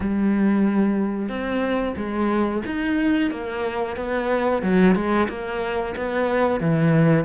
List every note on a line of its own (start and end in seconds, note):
0.00 1.29 G3
1.29 1.95 C4
1.96 2.62 G#3
2.66 3.31 D#4
3.31 3.96 A#3
3.96 4.62 B3
4.62 4.95 F#3
4.95 5.27 G#3
5.28 5.94 A#3
5.96 6.60 B3
6.60 7.24 E3